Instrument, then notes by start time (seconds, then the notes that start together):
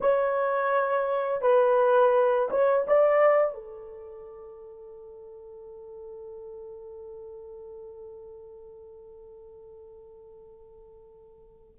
horn
0.00 C#5
1.41 B4
2.50 C#5
2.87 D5
3.54 A4